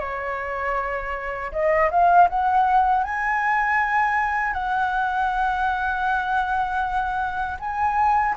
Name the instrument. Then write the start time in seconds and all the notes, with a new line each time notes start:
flute
0.00 C#5
1.52 D#5
1.91 F5
2.30 F#5
3.04 G#5
4.54 F#5
7.60 G#5